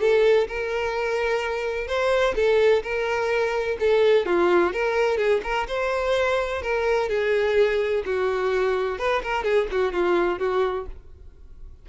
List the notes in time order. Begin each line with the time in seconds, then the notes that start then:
0.00 A4
0.47 A#4
1.87 C5
2.35 A4
2.82 A#4
3.79 A4
4.26 F4
4.73 A#4
5.17 G#4
5.43 A#4
5.68 C5
6.62 A#4
7.08 G#4
8.05 F#4
8.98 B4
9.23 A#4
9.43 G#4
9.71 F#4
9.92 F4
10.39 F#4